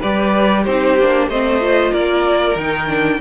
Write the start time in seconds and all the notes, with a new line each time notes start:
0.00 G3 G4 B4 D5
0.64 C4 D#4 G4 C5
0.99 A#3 D4
1.28 A3 C4 C5 D#5
1.60 F4
1.92 A#3 A#4 D5
2.56 D#3 D#4 G5
2.88 D4